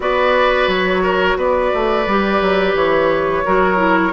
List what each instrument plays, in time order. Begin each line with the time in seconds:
0.00 bassoon B3, clarinet F#4, oboe B4, flute D5
0.67 bassoon F#3, flute C#5
1.02 oboe A#4
1.36 bassoon B3, oboe B4, flute D5
1.73 bassoon A3
2.06 bassoon G3, clarinet G4
2.41 bassoon F#3
2.74 bassoon E3, flute C#5
3.45 bassoon F#3, clarinet F#4, oboe A#4
3.76 clarinet E4